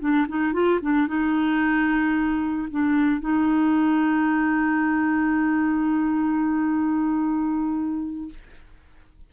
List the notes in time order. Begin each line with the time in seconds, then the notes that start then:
0.00 D4
0.29 D#4
0.53 F4
0.82 D4
1.08 D#4
2.71 D4
3.21 D#4